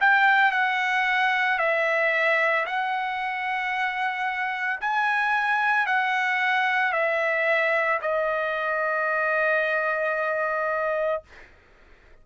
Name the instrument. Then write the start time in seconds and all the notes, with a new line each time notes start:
trumpet
0.00 G5
0.51 F#5
1.58 E5
2.65 F#5
4.80 G#5
5.86 F#5
6.92 E5
8.01 D#5